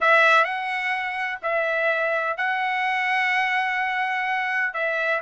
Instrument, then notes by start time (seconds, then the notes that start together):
trumpet
0.00 E5
0.44 F#5
1.42 E5
2.37 F#5
4.73 E5